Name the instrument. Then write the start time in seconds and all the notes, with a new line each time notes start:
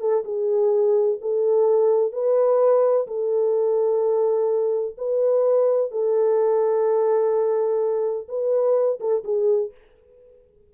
horn
0.00 A4
0.24 G#4
1.21 A4
2.12 B4
3.07 A4
4.97 B4
5.91 A4
8.28 B4
9.00 A4
9.24 G#4